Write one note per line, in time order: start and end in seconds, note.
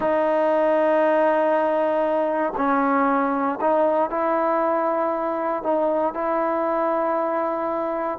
0.00 2.53 D#4
2.56 3.59 C#4
3.60 4.10 D#4
4.10 5.63 E4
5.63 6.14 D#4
6.14 8.19 E4